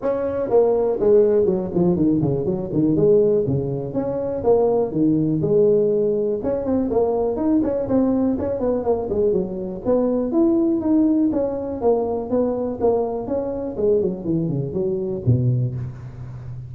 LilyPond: \new Staff \with { instrumentName = "tuba" } { \time 4/4 \tempo 4 = 122 cis'4 ais4 gis4 fis8 f8 | dis8 cis8 fis8 dis8 gis4 cis4 | cis'4 ais4 dis4 gis4~ | gis4 cis'8 c'8 ais4 dis'8 cis'8 |
c'4 cis'8 b8 ais8 gis8 fis4 | b4 e'4 dis'4 cis'4 | ais4 b4 ais4 cis'4 | gis8 fis8 e8 cis8 fis4 b,4 | }